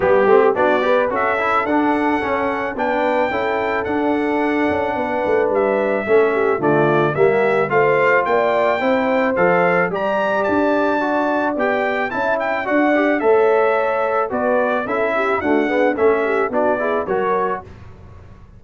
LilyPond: <<
  \new Staff \with { instrumentName = "trumpet" } { \time 4/4 \tempo 4 = 109 g'4 d''4 e''4 fis''4~ | fis''4 g''2 fis''4~ | fis''2 e''2 | d''4 e''4 f''4 g''4~ |
g''4 f''4 ais''4 a''4~ | a''4 g''4 a''8 g''8 fis''4 | e''2 d''4 e''4 | fis''4 e''4 d''4 cis''4 | }
  \new Staff \with { instrumentName = "horn" } { \time 4/4 g'4 fis'8 b'8 a'2~ | a'4 b'4 a'2~ | a'4 b'2 a'8 g'8 | f'4 g'4 c''4 d''4 |
c''2 d''2~ | d''2 e''4 d''4 | cis''2 b'4 a'8 g'8 | fis'8 gis'8 a'8 g'8 fis'8 gis'8 ais'4 | }
  \new Staff \with { instrumentName = "trombone" } { \time 4/4 b8 c'8 d'8 g'8 fis'8 e'8 d'4 | cis'4 d'4 e'4 d'4~ | d'2. cis'4 | a4 ais4 f'2 |
e'4 a'4 g'2 | fis'4 g'4 e'4 fis'8 g'8 | a'2 fis'4 e'4 | a8 b8 cis'4 d'8 e'8 fis'4 | }
  \new Staff \with { instrumentName = "tuba" } { \time 4/4 g8 a8 b4 cis'4 d'4 | cis'4 b4 cis'4 d'4~ | d'8 cis'8 b8 a8 g4 a4 | d4 g4 a4 ais4 |
c'4 f4 g4 d'4~ | d'4 b4 cis'4 d'4 | a2 b4 cis'4 | d'4 a4 b4 fis4 | }
>>